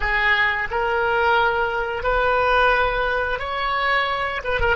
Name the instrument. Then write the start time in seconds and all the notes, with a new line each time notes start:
oboe
0.00 G#4
0.70 A#4
2.03 B4
3.39 C#5
4.43 B4
4.60 A#4